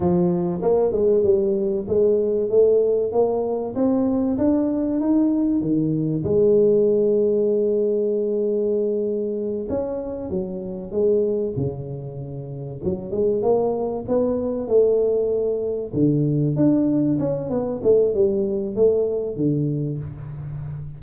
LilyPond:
\new Staff \with { instrumentName = "tuba" } { \time 4/4 \tempo 4 = 96 f4 ais8 gis8 g4 gis4 | a4 ais4 c'4 d'4 | dis'4 dis4 gis2~ | gis2.~ gis8 cis'8~ |
cis'8 fis4 gis4 cis4.~ | cis8 fis8 gis8 ais4 b4 a8~ | a4. d4 d'4 cis'8 | b8 a8 g4 a4 d4 | }